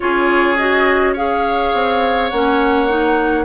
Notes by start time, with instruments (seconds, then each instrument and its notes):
0.00 bassoon C#4, clarinet F4, oboe G#4, flute C#5
0.56 clarinet F#4, flute D#5
1.13 clarinet G#4, oboe C#5, flute F5
1.73 bassoon C4
2.29 bassoon A#3, clarinet C#4, flute F#5
2.88 clarinet D#4